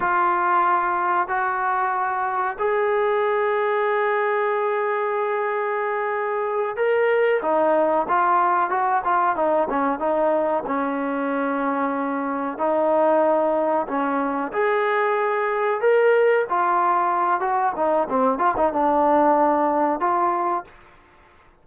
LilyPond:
\new Staff \with { instrumentName = "trombone" } { \time 4/4 \tempo 4 = 93 f'2 fis'2 | gis'1~ | gis'2~ gis'8 ais'4 dis'8~ | dis'8 f'4 fis'8 f'8 dis'8 cis'8 dis'8~ |
dis'8 cis'2. dis'8~ | dis'4. cis'4 gis'4.~ | gis'8 ais'4 f'4. fis'8 dis'8 | c'8 f'16 dis'16 d'2 f'4 | }